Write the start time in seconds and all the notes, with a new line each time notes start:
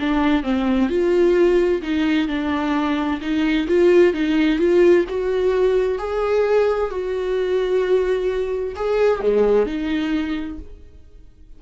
0.00 D4
0.44 C4
0.90 F4
1.82 D#4
2.29 D4
3.22 D#4
3.68 F4
4.14 D#4
4.59 F4
5.09 F#4
5.99 G#4
6.91 F#4
8.76 G#4
9.21 G#3
9.67 D#4